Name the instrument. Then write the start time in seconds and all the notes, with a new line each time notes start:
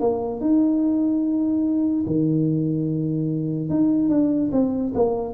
tuba
0.00 A#3
0.41 D#4
2.07 D#3
3.69 D#4
4.09 D4
4.52 C4
4.95 A#3